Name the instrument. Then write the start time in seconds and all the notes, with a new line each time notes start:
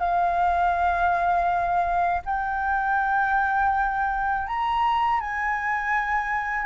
flute
0.00 F5
2.26 G5
4.48 A#5
5.21 G#5